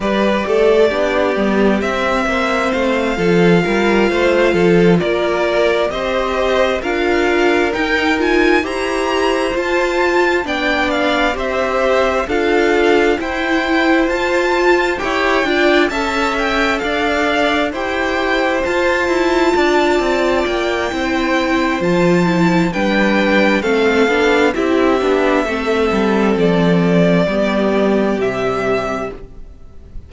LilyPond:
<<
  \new Staff \with { instrumentName = "violin" } { \time 4/4 \tempo 4 = 66 d''2 e''4 f''4~ | f''4. d''4 dis''4 f''8~ | f''8 g''8 gis''8 ais''4 a''4 g''8 | f''8 e''4 f''4 g''4 a''8~ |
a''8 g''4 a''8 g''8 f''4 g''8~ | g''8 a''2 g''4. | a''4 g''4 f''4 e''4~ | e''4 d''2 e''4 | }
  \new Staff \with { instrumentName = "violin" } { \time 4/4 b'8 a'8 g'4. c''4 a'8 | ais'8 c''8 a'8 ais'4 c''4 ais'8~ | ais'4. c''2 d''8~ | d''8 c''4 a'4 c''4.~ |
c''8 cis''8 d''8 e''4 d''4 c''8~ | c''4. d''4. c''4~ | c''4 b'4 a'4 g'4 | a'2 g'2 | }
  \new Staff \with { instrumentName = "viola" } { \time 4/4 g'4 d'8 b8 c'4. f'8~ | f'2~ f'8 g'4 f'8~ | f'8 dis'8 f'8 g'4 f'4 d'8~ | d'8 g'4 f'4 e'4 f'8~ |
f'8 g'8 f'8 a'2 g'8~ | g'8 f'2~ f'8 e'4 | f'8 e'8 d'4 c'8 d'8 e'8 d'8 | c'2 b4 g4 | }
  \new Staff \with { instrumentName = "cello" } { \time 4/4 g8 a8 b8 g8 c'8 ais8 a8 f8 | g8 a8 f8 ais4 c'4 d'8~ | d'8 dis'4 e'4 f'4 b8~ | b8 c'4 d'4 e'4 f'8~ |
f'8 e'8 d'8 cis'4 d'4 e'8~ | e'8 f'8 e'8 d'8 c'8 ais8 c'4 | f4 g4 a8 b8 c'8 b8 | a8 g8 f4 g4 c4 | }
>>